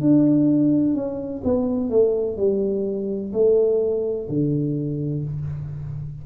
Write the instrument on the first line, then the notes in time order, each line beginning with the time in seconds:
tuba
0.00 D4
0.94 C#4
1.44 B3
1.89 A3
2.37 G3
3.33 A3
4.29 D3